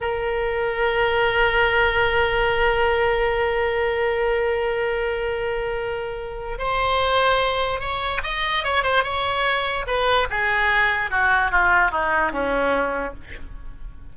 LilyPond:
\new Staff \with { instrumentName = "oboe" } { \time 4/4 \tempo 4 = 146 ais'1~ | ais'1~ | ais'1~ | ais'1 |
c''2. cis''4 | dis''4 cis''8 c''8 cis''2 | b'4 gis'2 fis'4 | f'4 dis'4 cis'2 | }